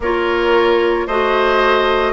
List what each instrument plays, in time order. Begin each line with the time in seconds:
0.00 bassoon A#3, clarinet F4, oboe A#4, flute C#5
1.07 bassoon A3, clarinet F#4, oboe C5, flute D#5